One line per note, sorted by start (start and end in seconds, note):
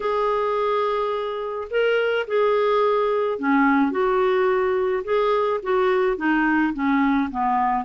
0.00 1.67 G#4
1.70 2.26 A#4
2.27 3.38 G#4
3.38 3.91 C#4
3.91 5.03 F#4
5.04 5.60 G#4
5.62 6.17 F#4
6.17 6.73 D#4
6.73 7.29 C#4
7.30 7.84 B3